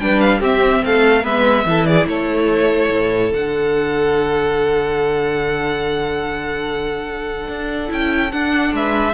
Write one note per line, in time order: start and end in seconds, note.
0.00 0.40 G3
0.00 0.42 D4
0.00 0.40 B4
0.00 0.20 G5
0.20 0.41 F5
0.40 0.82 C4
0.40 1.24 C4
0.40 0.82 G4
0.40 0.85 E5
0.85 1.26 A3
0.85 1.23 A4
0.85 1.25 F5
1.23 1.66 G#3
1.23 1.65 B3
1.23 1.65 B4
1.23 1.86 E5
1.66 2.07 E3
1.66 3.33 E4
1.66 1.88 A4
1.86 2.09 G#4
1.86 2.07 D5
2.07 2.90 A3
2.07 8.76 A4
2.07 3.33 C#5
2.91 3.33 A2
3.33 7.48 D3
3.33 7.88 D4
3.33 7.92 F#5
7.48 7.90 D4
7.88 8.33 C#4
7.88 8.30 E4
7.88 8.32 G5
8.32 8.73 D4
8.32 9.14 D4
8.32 8.74 F#5
8.73 9.14 G#3
8.73 9.14 B4
8.73 9.14 E5